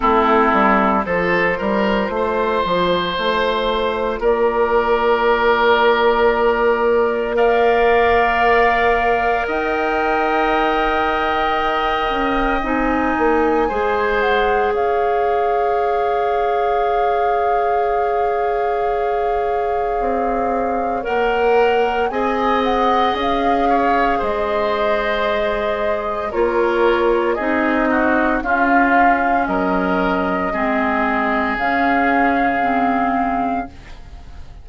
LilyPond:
<<
  \new Staff \with { instrumentName = "flute" } { \time 4/4 \tempo 4 = 57 a'4 c''2. | d''2. f''4~ | f''4 g''2. | gis''4. fis''8 f''2~ |
f''1 | fis''4 gis''8 fis''8 f''4 dis''4~ | dis''4 cis''4 dis''4 f''4 | dis''2 f''2 | }
  \new Staff \with { instrumentName = "oboe" } { \time 4/4 e'4 a'8 ais'8 c''2 | ais'2. d''4~ | d''4 dis''2.~ | dis''4 c''4 cis''2~ |
cis''1~ | cis''4 dis''4. cis''8 c''4~ | c''4 ais'4 gis'8 fis'8 f'4 | ais'4 gis'2. | }
  \new Staff \with { instrumentName = "clarinet" } { \time 4/4 c'4 f'2.~ | f'2. ais'4~ | ais'1 | dis'4 gis'2.~ |
gis'1 | ais'4 gis'2.~ | gis'4 f'4 dis'4 cis'4~ | cis'4 c'4 cis'4 c'4 | }
  \new Staff \with { instrumentName = "bassoon" } { \time 4/4 a8 g8 f8 g8 a8 f8 a4 | ais1~ | ais4 dis'2~ dis'8 cis'8 | c'8 ais8 gis4 cis'2~ |
cis'2. c'4 | ais4 c'4 cis'4 gis4~ | gis4 ais4 c'4 cis'4 | fis4 gis4 cis2 | }
>>